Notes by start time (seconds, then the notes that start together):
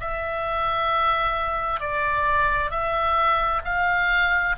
0.00 E5
1.80 D5
2.70 E5
3.64 F5